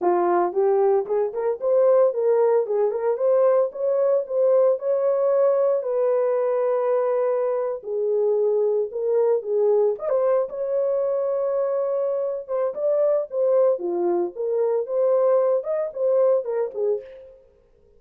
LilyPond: \new Staff \with { instrumentName = "horn" } { \time 4/4 \tempo 4 = 113 f'4 g'4 gis'8 ais'8 c''4 | ais'4 gis'8 ais'8 c''4 cis''4 | c''4 cis''2 b'4~ | b'2~ b'8. gis'4~ gis'16~ |
gis'8. ais'4 gis'4 dis''16 c''8. cis''16~ | cis''2.~ cis''8 c''8 | d''4 c''4 f'4 ais'4 | c''4. dis''8 c''4 ais'8 gis'8 | }